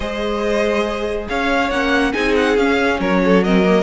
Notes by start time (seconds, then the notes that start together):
0.00 G#3 G#4 C5 D#5
1.28 C#4 C#5 F5
1.70 A#3 C#4 F#5
2.12 C4 D#4 G#4 G#5
2.36 F#5
2.57 C#4 F5
2.99 F#3 A#4 C#5
3.24 A4
3.43 C4 A#4 D#5
3.64 A#3